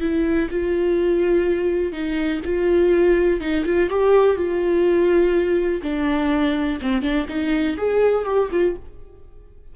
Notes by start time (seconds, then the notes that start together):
0.00 E4
0.50 F4
1.92 D#4
2.45 F4
3.40 D#4
3.65 F4
3.89 G4
4.36 F4
5.82 D4
6.81 C4
7.02 D4
7.28 D#4
7.77 G#4
8.25 G4
8.51 F4